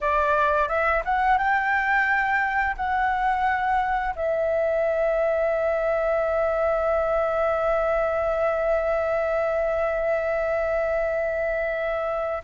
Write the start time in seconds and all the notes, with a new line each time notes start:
0.00 D5
0.68 E5
1.05 F#5
1.38 G5
2.76 F#5
4.15 E5